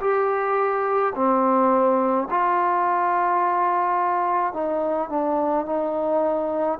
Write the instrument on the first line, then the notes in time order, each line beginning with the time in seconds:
trombone
0.00 G4
1.15 C4
2.30 F4
4.53 D#4
5.09 D4
5.66 D#4